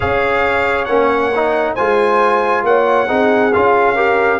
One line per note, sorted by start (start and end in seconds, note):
0.00 0.88 C#4
0.00 0.87 G#4
0.00 1.74 C#5
0.00 0.84 F5
0.84 1.76 A#3
0.84 1.32 C#4
0.84 1.73 F#5
1.34 1.78 D#4
1.74 2.63 G#3
1.74 3.07 F4
1.74 2.62 C5
1.74 2.63 G#5
2.63 3.07 A#3
2.63 3.07 C#5
2.63 3.53 F#5
3.07 3.53 C4
3.07 3.51 D#4
3.07 3.95 G#4
3.53 4.40 C#4
3.53 3.95 F4
3.53 4.40 F5
3.95 4.40 G4
3.95 4.39 A#4